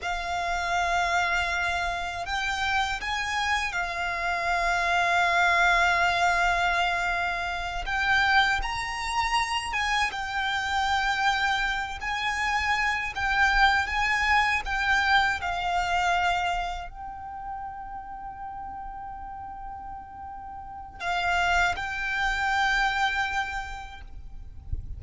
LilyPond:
\new Staff \with { instrumentName = "violin" } { \time 4/4 \tempo 4 = 80 f''2. g''4 | gis''4 f''2.~ | f''2~ f''8 g''4 ais''8~ | ais''4 gis''8 g''2~ g''8 |
gis''4. g''4 gis''4 g''8~ | g''8 f''2 g''4.~ | g''1 | f''4 g''2. | }